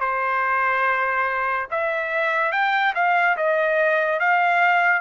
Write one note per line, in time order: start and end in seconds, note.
0.00 1.67 C5
1.71 2.52 E5
2.52 2.94 G5
2.95 3.37 F5
3.37 4.20 D#5
4.20 5.02 F5